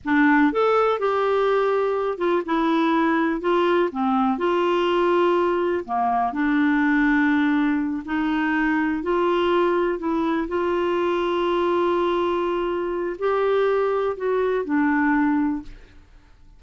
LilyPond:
\new Staff \with { instrumentName = "clarinet" } { \time 4/4 \tempo 4 = 123 d'4 a'4 g'2~ | g'8 f'8 e'2 f'4 | c'4 f'2. | ais4 d'2.~ |
d'8 dis'2 f'4.~ | f'8 e'4 f'2~ f'8~ | f'2. g'4~ | g'4 fis'4 d'2 | }